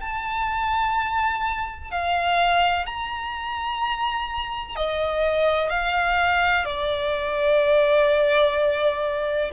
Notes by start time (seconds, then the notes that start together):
0.00 A5
1.91 F5
2.86 A#5
4.75 D#5
5.69 F5
6.65 D5